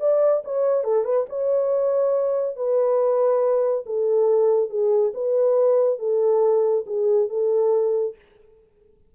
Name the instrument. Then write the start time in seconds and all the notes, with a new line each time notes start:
horn
0.00 D5
0.44 C#5
0.84 A4
1.05 B4
1.29 C#5
2.56 B4
3.86 A4
4.70 G#4
5.14 B4
5.99 A4
6.86 G#4
7.29 A4